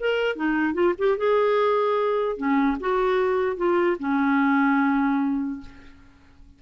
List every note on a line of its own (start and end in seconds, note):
0.00 0.36 A#4
0.36 0.74 D#4
0.74 0.94 F4
0.98 1.18 G4
1.18 2.37 G#4
2.37 2.77 C#4
2.80 3.57 F#4
3.57 3.97 F4
4.00 5.61 C#4